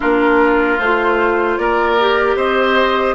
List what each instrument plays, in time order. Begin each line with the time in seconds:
0.00 bassoon A#3, clarinet D4, oboe F4, flute A#4
0.79 bassoon A3, clarinet F4, flute C5
1.58 bassoon A#3, oboe A#4, flute D5
2.00 clarinet G4
2.35 bassoon C4, oboe C5, flute D#5